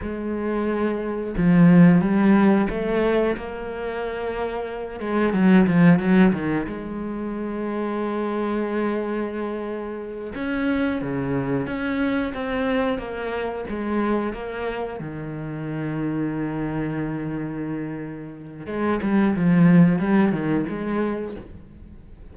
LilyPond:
\new Staff \with { instrumentName = "cello" } { \time 4/4 \tempo 4 = 90 gis2 f4 g4 | a4 ais2~ ais8 gis8 | fis8 f8 fis8 dis8 gis2~ | gis2.~ gis8 cis'8~ |
cis'8 cis4 cis'4 c'4 ais8~ | ais8 gis4 ais4 dis4.~ | dis1 | gis8 g8 f4 g8 dis8 gis4 | }